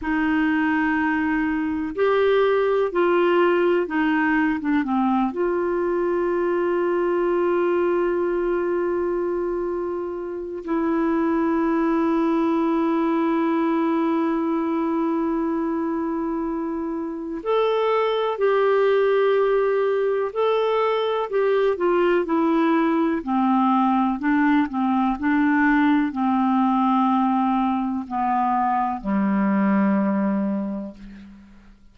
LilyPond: \new Staff \with { instrumentName = "clarinet" } { \time 4/4 \tempo 4 = 62 dis'2 g'4 f'4 | dis'8. d'16 c'8 f'2~ f'8~ | f'2. e'4~ | e'1~ |
e'2 a'4 g'4~ | g'4 a'4 g'8 f'8 e'4 | c'4 d'8 c'8 d'4 c'4~ | c'4 b4 g2 | }